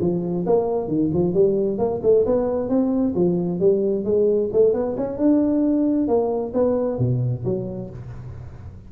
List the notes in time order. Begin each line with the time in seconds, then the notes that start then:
0.00 F3
0.46 A#3
0.88 D#3
1.13 F3
1.33 G3
1.78 A#3
2.02 A3
2.25 B3
2.69 C4
3.15 F3
3.60 G3
4.04 G#3
4.52 A3
4.73 B3
4.96 C#4
5.17 D4
6.07 A#3
6.53 B3
6.98 B2
7.44 F#3